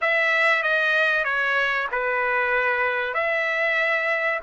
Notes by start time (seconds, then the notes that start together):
0.01 E5
0.62 D#5
1.24 C#5
1.91 B4
3.13 E5